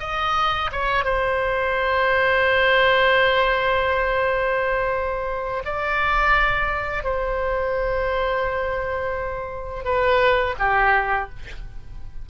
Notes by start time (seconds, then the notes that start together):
0.00 D#5
0.72 C#5
1.05 C5
5.65 D5
7.04 C5
9.84 B4
10.59 G4